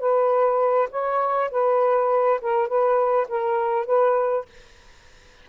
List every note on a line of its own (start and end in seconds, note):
0.00 0.89 B4
0.91 1.51 C#5
1.52 2.41 B4
2.42 2.68 A#4
2.68 3.28 B4
3.29 3.86 A#4
3.86 4.46 B4